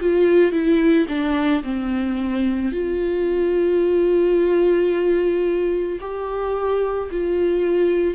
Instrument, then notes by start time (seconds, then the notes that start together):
viola
0.00 F4
0.52 E4
1.08 D4
1.63 C4
2.72 F4
6.00 G4
7.11 F4